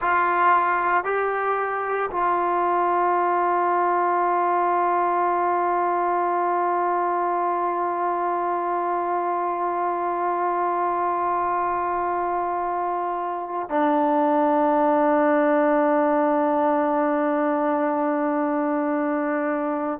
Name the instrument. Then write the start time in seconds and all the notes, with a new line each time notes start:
trombone
0.00 F4
1.04 G4
2.11 F4
13.69 D4